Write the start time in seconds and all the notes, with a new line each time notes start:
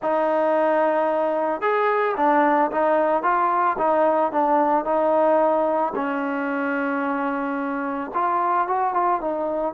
0.02 D#4
1.61 G#4
2.16 D4
2.71 D#4
3.22 F4
3.78 D#4
4.32 D4
4.85 D#4
5.95 C#4
8.14 F4
8.67 F#4
8.93 F4
9.20 D#4